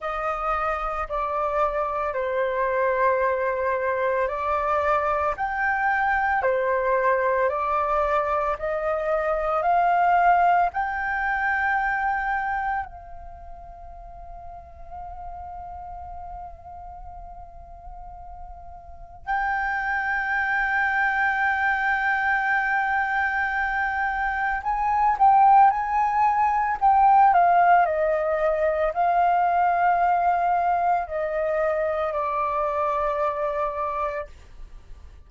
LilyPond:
\new Staff \with { instrumentName = "flute" } { \time 4/4 \tempo 4 = 56 dis''4 d''4 c''2 | d''4 g''4 c''4 d''4 | dis''4 f''4 g''2 | f''1~ |
f''2 g''2~ | g''2. gis''8 g''8 | gis''4 g''8 f''8 dis''4 f''4~ | f''4 dis''4 d''2 | }